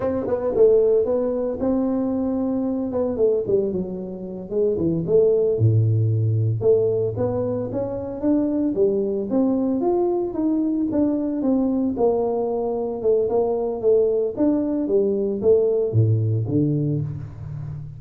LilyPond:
\new Staff \with { instrumentName = "tuba" } { \time 4/4 \tempo 4 = 113 c'8 b8 a4 b4 c'4~ | c'4. b8 a8 g8 fis4~ | fis8 gis8 e8 a4 a,4.~ | a,8 a4 b4 cis'4 d'8~ |
d'8 g4 c'4 f'4 dis'8~ | dis'8 d'4 c'4 ais4.~ | ais8 a8 ais4 a4 d'4 | g4 a4 a,4 d4 | }